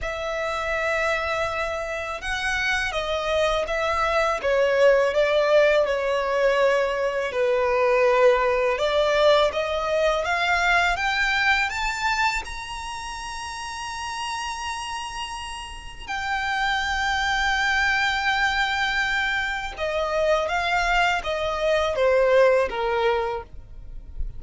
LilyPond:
\new Staff \with { instrumentName = "violin" } { \time 4/4 \tempo 4 = 82 e''2. fis''4 | dis''4 e''4 cis''4 d''4 | cis''2 b'2 | d''4 dis''4 f''4 g''4 |
a''4 ais''2.~ | ais''2 g''2~ | g''2. dis''4 | f''4 dis''4 c''4 ais'4 | }